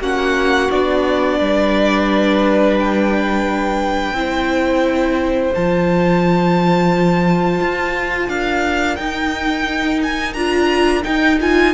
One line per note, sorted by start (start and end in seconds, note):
0.00 0.69 A#3
0.00 0.71 C#4
0.00 1.39 F#4
0.00 0.71 F#5
0.71 1.40 B3
0.71 4.15 D4
0.71 2.78 D5
1.39 4.12 G3
1.39 4.15 B4
2.80 5.55 G5
4.12 5.50 C4
4.12 5.53 E4
4.19 8.32 C5
5.55 7.60 F3
5.55 8.98 F4
5.55 8.29 A5
7.60 8.29 F4
8.29 8.98 D4
8.29 11.74 A#4
8.29 8.96 F5
8.96 10.36 D#4
8.96 10.35 D#4
8.96 10.00 G5
10.03 10.33 G#5
10.33 11.04 D4
10.33 11.04 F4
10.33 11.02 A#5
11.04 11.38 D#4
11.04 11.74 D#4
11.04 11.39 G5
11.41 11.74 F4
11.41 11.74 G#5